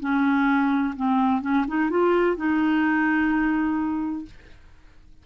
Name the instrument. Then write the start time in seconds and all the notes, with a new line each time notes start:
clarinet
0.00 C#4
0.96 C4
1.42 C#4
1.68 D#4
1.90 F4
2.36 D#4